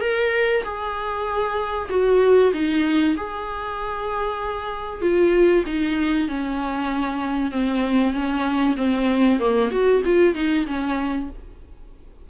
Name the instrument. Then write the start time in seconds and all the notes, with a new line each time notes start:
viola
0.00 A#4
0.63 G#4
1.89 F#4
2.53 D#4
3.16 G#4
5.01 F4
5.66 D#4
6.28 C#4
7.51 C4
8.13 C#4
8.76 C4
9.39 A#3
9.70 F#4
10.05 F4
10.34 D#4
10.66 C#4